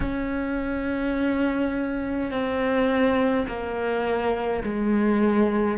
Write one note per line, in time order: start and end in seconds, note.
0.00 2.31 C#4
2.31 3.46 C4
3.47 4.63 A#3
4.63 5.77 G#3